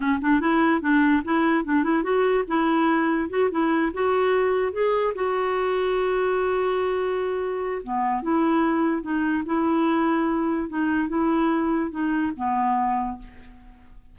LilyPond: \new Staff \with { instrumentName = "clarinet" } { \time 4/4 \tempo 4 = 146 cis'8 d'8 e'4 d'4 e'4 | d'8 e'8 fis'4 e'2 | fis'8 e'4 fis'2 gis'8~ | gis'8 fis'2.~ fis'8~ |
fis'2. b4 | e'2 dis'4 e'4~ | e'2 dis'4 e'4~ | e'4 dis'4 b2 | }